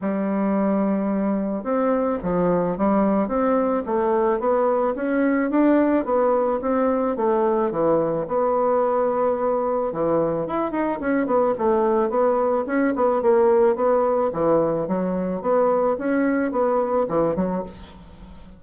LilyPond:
\new Staff \with { instrumentName = "bassoon" } { \time 4/4 \tempo 4 = 109 g2. c'4 | f4 g4 c'4 a4 | b4 cis'4 d'4 b4 | c'4 a4 e4 b4~ |
b2 e4 e'8 dis'8 | cis'8 b8 a4 b4 cis'8 b8 | ais4 b4 e4 fis4 | b4 cis'4 b4 e8 fis8 | }